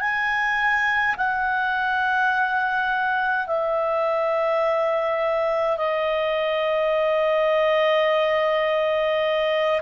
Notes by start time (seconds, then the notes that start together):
0.00 G#5
1.16 F#5
3.47 E5
5.77 D#5